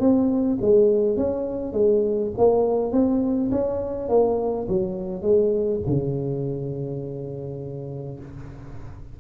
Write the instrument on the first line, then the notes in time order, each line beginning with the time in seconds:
tuba
0.00 C4
0.61 G#3
1.17 C#4
1.73 G#3
2.38 A#3
2.92 C4
3.51 C#4
4.09 A#3
4.68 F#3
5.22 G#3
5.86 C#3